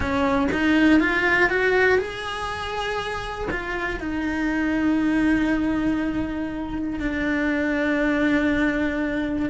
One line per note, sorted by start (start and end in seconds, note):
0.00 0.47 C#4
0.52 1.00 D#4
1.00 1.49 F4
1.49 1.98 F#4
1.98 3.48 G#4
3.50 4.00 F4
4.00 6.99 D#4
6.99 9.49 D4